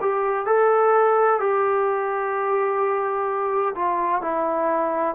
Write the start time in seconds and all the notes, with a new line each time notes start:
0.00 G4
0.46 A4
1.40 G4
3.75 F4
4.21 E4